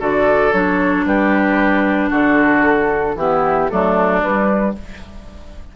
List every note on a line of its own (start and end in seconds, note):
0.00 0.53 D3
0.00 0.53 F#4
0.00 1.05 A4
0.00 0.53 D5
0.53 1.06 F#3
0.53 3.16 D4
0.53 1.05 C#5
1.06 2.11 G3
1.06 2.10 G4
1.06 2.12 B4
2.10 3.16 D3
2.10 3.15 F#4
2.10 3.18 A4
3.16 3.69 E3
3.16 3.71 B3
3.16 3.71 E4
3.16 3.70 G4
3.70 4.24 F#3
3.70 4.21 A3
3.70 4.76 D4
3.70 4.23 A4
4.21 4.73 G3
4.21 4.77 G3
4.21 4.76 B4